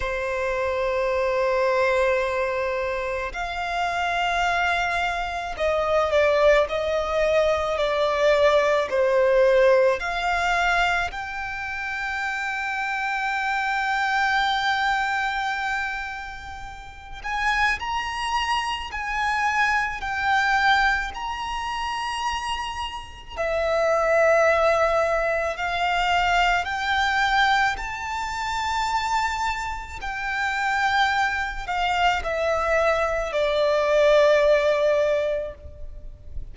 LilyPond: \new Staff \with { instrumentName = "violin" } { \time 4/4 \tempo 4 = 54 c''2. f''4~ | f''4 dis''8 d''8 dis''4 d''4 | c''4 f''4 g''2~ | g''2.~ g''8 gis''8 |
ais''4 gis''4 g''4 ais''4~ | ais''4 e''2 f''4 | g''4 a''2 g''4~ | g''8 f''8 e''4 d''2 | }